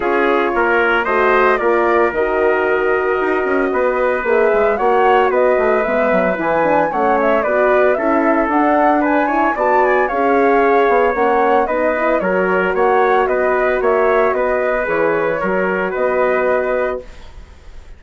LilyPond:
<<
  \new Staff \with { instrumentName = "flute" } { \time 4/4 \tempo 4 = 113 cis''2 dis''4 d''4 | dis''1 | e''4 fis''4 dis''4 e''4 | gis''4 fis''8 e''8 d''4 e''4 |
fis''4 gis''4 a''8 gis''8 f''4~ | f''4 fis''4 dis''4 cis''4 | fis''4 dis''4 e''4 dis''4 | cis''2 dis''2 | }
  \new Staff \with { instrumentName = "trumpet" } { \time 4/4 gis'4 ais'4 c''4 ais'4~ | ais'2. b'4~ | b'4 cis''4 b'2~ | b'4 cis''4 b'4 a'4~ |
a'4 b'8 cis''8 d''4 cis''4~ | cis''2 b'4 ais'4 | cis''4 b'4 cis''4 b'4~ | b'4 ais'4 b'2 | }
  \new Staff \with { instrumentName = "horn" } { \time 4/4 f'2 fis'4 f'4 | fis'1 | gis'4 fis'2 b4 | e'8 d'8 cis'4 fis'4 e'4 |
d'4. e'8 fis'4 gis'4~ | gis'4 cis'4 dis'8 e'8 fis'4~ | fis'1 | gis'4 fis'2. | }
  \new Staff \with { instrumentName = "bassoon" } { \time 4/4 cis'4 ais4 a4 ais4 | dis2 dis'8 cis'8 b4 | ais8 gis8 ais4 b8 a8 gis8 fis8 | e4 a4 b4 cis'4 |
d'2 b4 cis'4~ | cis'8 b8 ais4 b4 fis4 | ais4 b4 ais4 b4 | e4 fis4 b2 | }
>>